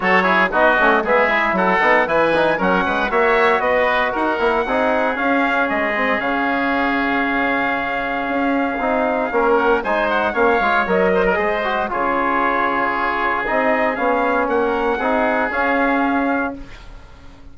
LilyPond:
<<
  \new Staff \with { instrumentName = "trumpet" } { \time 4/4 \tempo 4 = 116 cis''4 dis''4 e''4 fis''4 | gis''4 fis''4 e''4 dis''4 | fis''2 f''4 dis''4 | f''1~ |
f''2~ f''8 fis''8 gis''8 fis''8 | f''4 dis''2 cis''4~ | cis''2 dis''4 f''4 | fis''2 f''2 | }
  \new Staff \with { instrumentName = "oboe" } { \time 4/4 a'8 gis'8 fis'4 gis'4 a'4 | b'4 ais'8 b'8 cis''4 b'4 | ais'4 gis'2.~ | gis'1~ |
gis'2 ais'4 c''4 | cis''4. c''16 ais'16 c''4 gis'4~ | gis'1 | ais'4 gis'2. | }
  \new Staff \with { instrumentName = "trombone" } { \time 4/4 fis'8 e'8 dis'8 cis'8 b8 e'4 dis'8 | e'8 dis'8 cis'4 fis'2~ | fis'8 e'8 dis'4 cis'4. c'8 | cis'1~ |
cis'4 dis'4 cis'4 dis'4 | cis'8 f'8 ais'4 gis'8 fis'8 f'4~ | f'2 dis'4 cis'4~ | cis'4 dis'4 cis'2 | }
  \new Staff \with { instrumentName = "bassoon" } { \time 4/4 fis4 b8 a8 gis4 fis8 b8 | e4 fis8 gis8 ais4 b4 | dis'8 ais8 c'4 cis'4 gis4 | cis1 |
cis'4 c'4 ais4 gis4 | ais8 gis8 fis4 gis4 cis4~ | cis2 c'4 b4 | ais4 c'4 cis'2 | }
>>